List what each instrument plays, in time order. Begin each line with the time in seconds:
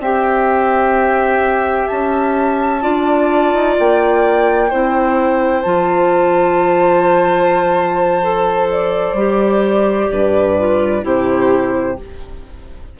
0.00 bassoon C4, clarinet G4, violin E5, flute G5
1.88 bassoon C#4, flute A5
2.82 bassoon D4, clarinet F4, violin D5
3.54 bassoon D#4
3.79 bassoon A#3, flute G5
4.70 bassoon C4, clarinet E4, violin C5
5.62 bassoon F3, clarinet F4, flute A5
8.22 clarinet A4
8.71 flute D5
9.13 bassoon G3, clarinet G4
10.12 bassoon G2, violin B4
10.59 clarinet F4
11.02 bassoon C3, clarinet E4, violin G4, flute C5